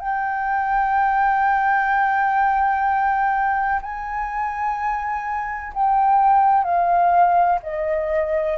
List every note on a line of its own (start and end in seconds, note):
0.00 3.81 G5
3.82 5.73 G#5
5.74 6.65 G5
6.65 7.60 F5
7.63 8.58 D#5